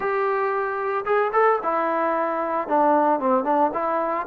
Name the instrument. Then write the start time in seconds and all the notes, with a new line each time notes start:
trombone
0.00 G4
1.05 G#4
1.33 A4
1.62 E4
2.68 D4
3.19 C4
3.44 D4
3.73 E4